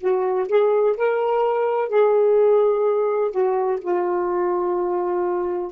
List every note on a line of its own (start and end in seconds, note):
0.00 0.48 F#4
0.48 0.96 G#4
0.97 1.89 A#4
1.89 3.32 G#4
3.32 3.79 F#4
3.81 5.72 F4